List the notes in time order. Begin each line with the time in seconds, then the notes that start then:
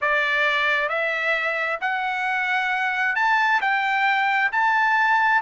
0.01 D5
0.89 E5
1.80 F#5
3.15 A5
3.61 G5
4.52 A5